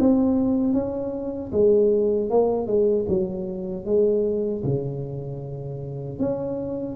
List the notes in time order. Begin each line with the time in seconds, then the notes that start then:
0.00 C4
0.74 C#4
1.52 G#3
2.30 A#3
2.67 G#3
3.09 F#3
3.86 G#3
4.64 C#3
6.19 C#4